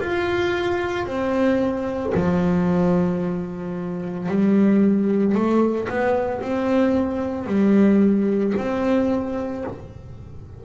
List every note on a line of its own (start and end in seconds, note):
0.00 1.06 F4
1.06 2.13 C4
2.14 4.29 F3
4.29 5.34 G3
5.34 5.88 A3
5.89 6.41 B3
6.41 7.46 C4
7.46 8.53 G3
8.57 9.64 C4